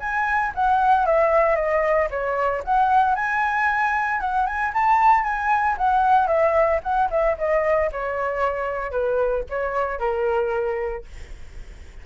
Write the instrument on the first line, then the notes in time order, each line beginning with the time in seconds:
flute
0.00 G#5
0.55 F#5
1.06 E5
1.56 D#5
2.10 C#5
2.65 F#5
3.15 G#5
4.21 F#5
4.46 G#5
4.74 A5
5.24 G#5
5.78 F#5
6.27 E5
6.83 F#5
7.11 E5
7.38 D#5
7.92 C#5
8.91 B4
9.50 C#5
9.99 A#4